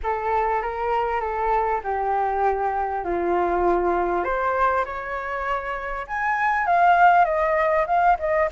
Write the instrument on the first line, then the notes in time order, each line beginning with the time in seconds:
flute
0.03 A4
0.62 A#4
1.20 A4
1.83 G4
3.04 F4
4.24 C5
4.85 C#5
6.07 G#5
6.66 F5
7.25 D#5
7.86 F5
8.19 D#5